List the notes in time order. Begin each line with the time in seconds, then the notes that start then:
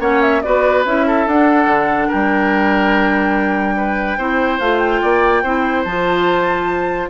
0.00 A#3 C#4 C#5 F#5
0.22 E5
0.42 B3 F#4 B4 D5
0.86 C#4 E4 E5
1.07 A4
1.27 D4 F#5
1.66 D3
2.08 G3 A#4 G5
3.77 B4
4.18 C4 E4 C5
4.60 A3 F4 F5
4.78 G5
5.02 A#3 D5
5.43 C4 E4 C5
5.84 F3 F4 A5